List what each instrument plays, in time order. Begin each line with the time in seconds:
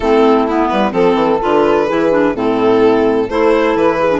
0.00 bassoon A3, clarinet C4, horn E4, violin A4
0.47 clarinet B3, violin E4
0.68 bassoon G3, violin B4
0.91 bassoon F3, clarinet C4, violin A4, horn A4
1.14 bassoon E3
1.40 bassoon D3, clarinet F4, violin B4
1.87 bassoon E3, clarinet E4, horn G#4
2.10 clarinet D4
2.34 bassoon A2, clarinet C4, horn E4, violin A4
3.27 bassoon A3, clarinet E4, horn A4, violin C5
3.75 bassoon E3, violin B4
3.99 horn G#4
4.09 clarinet D4